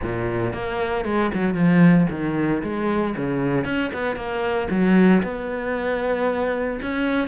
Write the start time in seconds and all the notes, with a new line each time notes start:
0.02 A#2
0.53 A#3
1.04 G#3
1.34 F#3
1.54 F3
2.10 D#3
2.63 G#3
3.16 C#3
3.65 C#4
3.93 B3
4.15 A#3
4.70 F#3
5.22 B3
6.82 C#4